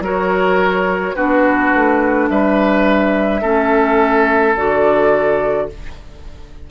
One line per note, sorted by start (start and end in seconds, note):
0.00 1.13 F#3
0.00 1.16 F#4
0.00 1.15 A#4
0.00 1.15 C#5
1.15 1.72 B3
1.15 3.42 D4
1.15 2.29 F#4
1.15 2.28 B4
1.74 2.29 A3
2.29 3.42 G3
2.29 3.41 B4
2.29 4.55 E5
3.41 4.55 A3
3.41 4.55 C#4
3.41 5.67 A4
4.56 5.70 D3
4.56 5.69 F#4
4.56 5.69 D5